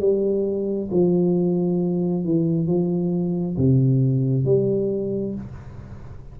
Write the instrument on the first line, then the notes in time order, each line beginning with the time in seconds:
tuba
0.00 G3
0.91 F3
2.25 E3
2.67 F3
3.57 C3
4.45 G3